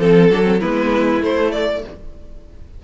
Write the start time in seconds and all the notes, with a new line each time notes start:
0.00 F3 C4 A4
0.30 F#3 D4
0.43 C4
0.60 G#3 B3 E4 B4
1.21 A3 C5
1.52 D5